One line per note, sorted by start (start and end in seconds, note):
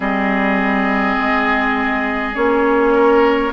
0.00 1.16 G3
0.00 2.34 C4
0.00 2.94 G#4
0.00 2.34 D#5
1.18 2.36 G#3
2.34 3.52 A#3
2.34 3.51 C#4
2.34 3.52 C#5
2.94 3.52 A#4